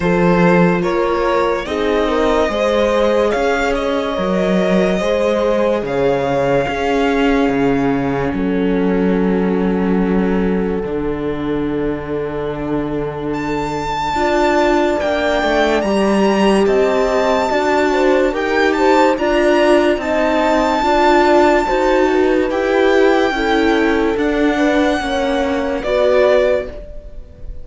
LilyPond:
<<
  \new Staff \with { instrumentName = "violin" } { \time 4/4 \tempo 4 = 72 c''4 cis''4 dis''2 | f''8 dis''2~ dis''8 f''4~ | f''2 fis''2~ | fis''1 |
a''2 g''4 ais''4 | a''2 g''8 a''8 ais''4 | a''2. g''4~ | g''4 fis''2 d''4 | }
  \new Staff \with { instrumentName = "horn" } { \time 4/4 a'4 ais'4 gis'8 ais'8 c''4 | cis''2 c''4 cis''4 | gis'2 a'2~ | a'1~ |
a'4 d''2. | dis''4 d''8 c''8 ais'8 c''8 d''4 | dis''4 d''4 c''8 b'4. | a'4. b'8 cis''4 b'4 | }
  \new Staff \with { instrumentName = "viola" } { \time 4/4 f'2 dis'4 gis'4~ | gis'4 ais'4 gis'2 | cis'1~ | cis'4 d'2.~ |
d'4 f'4 d'4 g'4~ | g'4 fis'4 g'4 f'4 | dis'4 f'4 fis'4 g'4 | e'4 d'4 cis'4 fis'4 | }
  \new Staff \with { instrumentName = "cello" } { \time 4/4 f4 ais4 c'4 gis4 | cis'4 fis4 gis4 cis4 | cis'4 cis4 fis2~ | fis4 d2.~ |
d4 d'4 ais8 a8 g4 | c'4 d'4 dis'4 d'4 | c'4 d'4 dis'4 e'4 | cis'4 d'4 ais4 b4 | }
>>